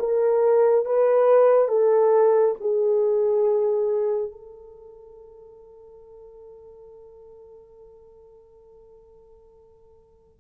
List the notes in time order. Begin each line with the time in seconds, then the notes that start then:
0.00 A#4
0.86 B4
1.69 A4
2.61 G#4
4.32 A4